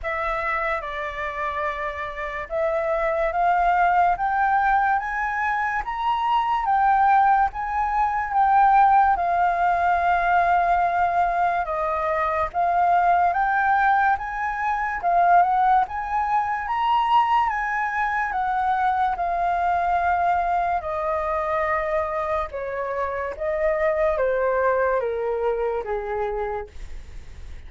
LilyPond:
\new Staff \with { instrumentName = "flute" } { \time 4/4 \tempo 4 = 72 e''4 d''2 e''4 | f''4 g''4 gis''4 ais''4 | g''4 gis''4 g''4 f''4~ | f''2 dis''4 f''4 |
g''4 gis''4 f''8 fis''8 gis''4 | ais''4 gis''4 fis''4 f''4~ | f''4 dis''2 cis''4 | dis''4 c''4 ais'4 gis'4 | }